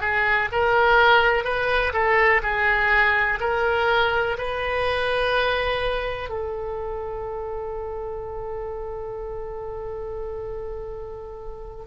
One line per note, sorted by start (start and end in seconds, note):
0.00 0.48 G#4
0.51 1.43 A#4
1.43 1.92 B4
1.92 2.41 A4
2.42 3.39 G#4
3.40 4.36 A#4
4.38 6.29 B4
6.29 11.85 A4